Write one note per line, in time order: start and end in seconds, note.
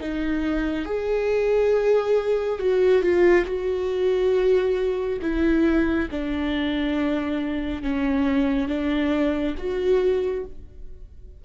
0.00 0.85 D#4
0.85 2.59 G#4
2.59 3.02 F#4
3.02 3.45 F4
3.45 5.19 F#4
5.21 6.08 E4
6.10 7.82 D4
7.82 8.68 C#4
8.68 9.55 D4
9.57 10.44 F#4